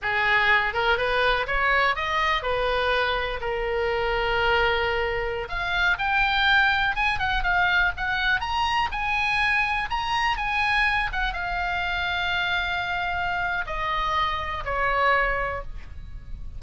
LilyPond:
\new Staff \with { instrumentName = "oboe" } { \time 4/4 \tempo 4 = 123 gis'4. ais'8 b'4 cis''4 | dis''4 b'2 ais'4~ | ais'2.~ ais'16 f''8.~ | f''16 g''2 gis''8 fis''8 f''8.~ |
f''16 fis''4 ais''4 gis''4.~ gis''16~ | gis''16 ais''4 gis''4. fis''8 f''8.~ | f''1 | dis''2 cis''2 | }